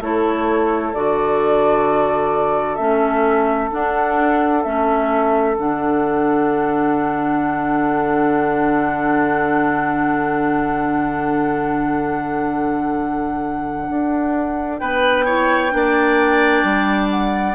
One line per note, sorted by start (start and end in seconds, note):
0.00 0.92 A3
0.00 0.93 E4
0.00 14.80 A4
0.00 0.94 C#5
0.94 2.79 D3
0.94 2.78 F#4
0.94 2.75 D5
2.75 3.71 A3
2.75 3.70 C#4
2.75 3.68 E5
3.70 4.63 D4
3.70 4.65 D4
3.70 4.63 F#5
4.63 5.57 A3
4.63 5.56 C#4
4.63 5.55 E5
5.57 13.88 D3
5.57 15.26 D4
5.57 14.77 F#5
13.89 14.81 D4
14.77 15.73 B3
14.77 15.25 B4
14.77 17.08 G5
15.25 15.70 E4
15.25 15.72 C#5
15.70 16.63 A#3
15.70 17.54 D4
15.76 17.55 D5
16.63 17.55 G3
17.10 17.55 F#5